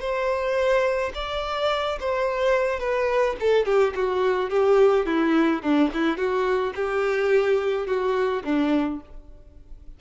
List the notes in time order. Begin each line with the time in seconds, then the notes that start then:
0.00 C5
1.14 D5
2.00 C5
2.80 B4
3.40 A4
3.66 G4
3.95 F#4
4.50 G4
5.06 E4
5.62 D4
5.93 E4
6.17 F#4
6.75 G4
7.87 F#4
8.44 D4